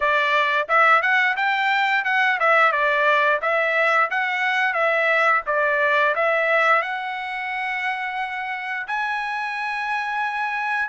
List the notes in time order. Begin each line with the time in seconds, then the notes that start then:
0.00 D5
0.68 E5
1.01 F#5
1.36 G5
2.04 F#5
2.39 E5
2.71 D5
3.41 E5
4.10 F#5
4.73 E5
5.46 D5
6.15 E5
6.82 F#5
8.87 G#5